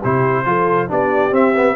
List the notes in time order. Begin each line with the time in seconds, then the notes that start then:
0.00 C3 E4 G4 C5
0.45 F3 F4 A4
0.87 B3 D4 G4 D5
1.31 C4 E5
1.55 B3